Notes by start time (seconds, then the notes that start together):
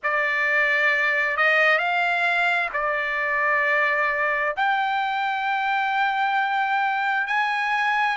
0.03 D5
1.36 D#5
1.78 F5
2.73 D5
4.56 G5
7.27 G#5